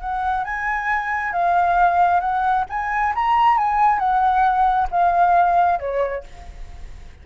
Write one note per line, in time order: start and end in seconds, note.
0.00 0.44 F#5
0.44 1.33 G#5
1.33 2.20 F5
2.20 2.64 F#5
2.69 3.14 G#5
3.15 3.57 A#5
3.57 3.99 G#5
3.99 4.88 F#5
4.91 5.79 F5
5.79 6.24 C#5